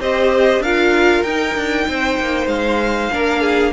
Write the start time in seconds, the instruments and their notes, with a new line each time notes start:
0.00 cello C4, viola G4, violin C5 D#5
0.59 cello D4, viola F4, violin A#4 F5
1.23 cello D#4, viola D#4, violin G5
1.55 cello D4
1.88 cello C4, violin C5
2.19 cello A#3
2.46 cello G#3, violin F5
3.11 cello A#3, viola D4, violin A#4
3.41 violin G#4